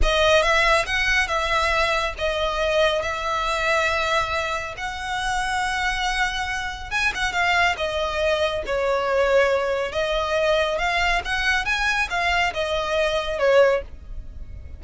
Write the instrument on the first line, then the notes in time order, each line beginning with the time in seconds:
violin
0.02 D#5
0.42 E5
0.86 F#5
1.27 E5
2.18 D#5
3.02 E5
4.77 F#5
6.91 G#5
7.14 F#5
7.32 F5
7.77 D#5
8.65 C#5
9.92 D#5
10.78 F5
11.24 F#5
11.65 G#5
12.10 F5
12.53 D#5
13.38 C#5